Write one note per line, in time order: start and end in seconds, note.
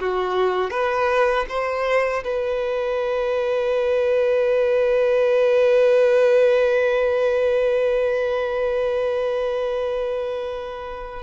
0.00 0.71 F#4
0.71 1.46 B4
1.49 2.24 C5
2.24 11.23 B4